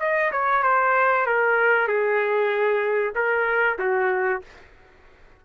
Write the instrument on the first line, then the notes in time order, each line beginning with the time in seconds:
trumpet
0.00 D#5
0.32 C#5
0.63 C5
1.26 A#4
1.88 G#4
3.15 A#4
3.79 F#4